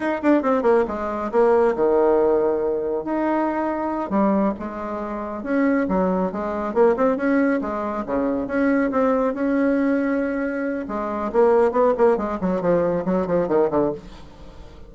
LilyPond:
\new Staff \with { instrumentName = "bassoon" } { \time 4/4 \tempo 4 = 138 dis'8 d'8 c'8 ais8 gis4 ais4 | dis2. dis'4~ | dis'4. g4 gis4.~ | gis8 cis'4 fis4 gis4 ais8 |
c'8 cis'4 gis4 cis4 cis'8~ | cis'8 c'4 cis'2~ cis'8~ | cis'4 gis4 ais4 b8 ais8 | gis8 fis8 f4 fis8 f8 dis8 d8 | }